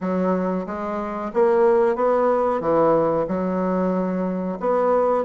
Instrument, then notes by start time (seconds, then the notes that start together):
bassoon
0.00 F#3
0.66 G#3
1.33 A#3
1.95 B3
2.60 E3
3.28 F#3
4.59 B3